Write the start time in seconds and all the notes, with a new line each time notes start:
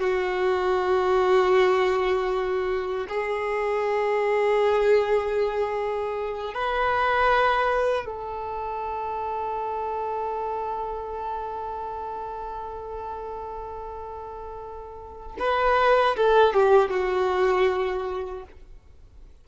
0.00 F#4
3.09 G#4
6.54 B4
8.06 A4
15.39 B4
16.17 A4
16.54 G4
16.90 F#4